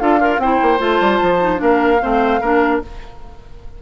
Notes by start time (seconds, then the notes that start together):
0.00 D4 F4 A4 F5
0.20 F4 A#4
0.38 C4 E4 C5 G5
0.62 A#3
0.79 A3 F4 A5
1.01 G3
1.22 F3
1.41 D#4
1.57 A#3 D4 A#4 F5
2.01 A3 C4 C5
2.41 A#3 D4 A#4